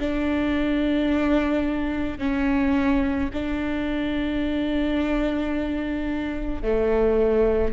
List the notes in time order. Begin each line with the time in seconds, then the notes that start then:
0.00 D4
2.19 C#4
3.34 D4
6.63 A3